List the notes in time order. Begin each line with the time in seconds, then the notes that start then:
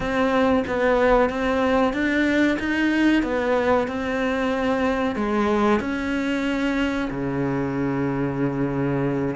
0.00 C4
0.67 B3
1.29 C4
1.93 D4
2.59 D#4
3.23 B3
3.87 C4
5.15 G#3
5.79 C#4
7.10 C#3